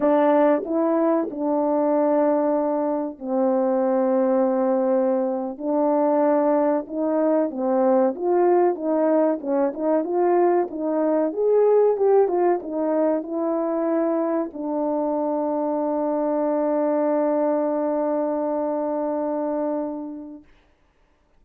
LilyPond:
\new Staff \with { instrumentName = "horn" } { \time 4/4 \tempo 4 = 94 d'4 e'4 d'2~ | d'4 c'2.~ | c'8. d'2 dis'4 c'16~ | c'8. f'4 dis'4 cis'8 dis'8 f'16~ |
f'8. dis'4 gis'4 g'8 f'8 dis'16~ | dis'8. e'2 d'4~ d'16~ | d'1~ | d'1 | }